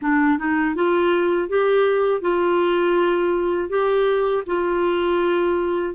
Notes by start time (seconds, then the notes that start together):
0.01 D4
0.38 D#4
0.75 F4
1.48 G4
2.21 F4
3.69 G4
4.46 F4